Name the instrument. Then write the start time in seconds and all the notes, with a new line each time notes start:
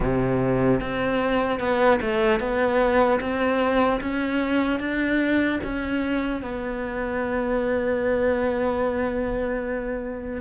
cello
0.00 C3
0.80 C4
1.59 B3
2.01 A3
2.40 B3
3.20 C4
4.00 C#4
4.79 D4
5.63 C#4
6.42 B3